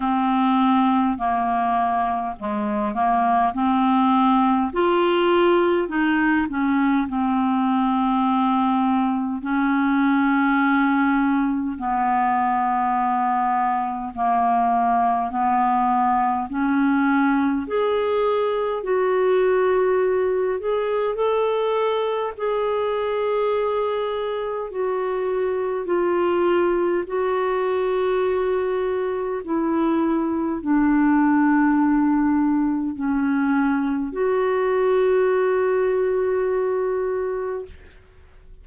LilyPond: \new Staff \with { instrumentName = "clarinet" } { \time 4/4 \tempo 4 = 51 c'4 ais4 gis8 ais8 c'4 | f'4 dis'8 cis'8 c'2 | cis'2 b2 | ais4 b4 cis'4 gis'4 |
fis'4. gis'8 a'4 gis'4~ | gis'4 fis'4 f'4 fis'4~ | fis'4 e'4 d'2 | cis'4 fis'2. | }